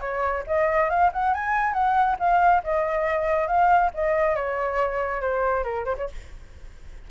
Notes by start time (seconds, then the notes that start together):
0.00 C#5
0.47 D#5
0.89 F5
1.12 F#5
1.34 G#5
1.73 F#5
2.19 F5
2.63 D#5
3.47 F5
3.94 D#5
4.35 C#5
5.21 C5
5.63 A#4
5.85 C5
5.97 C#5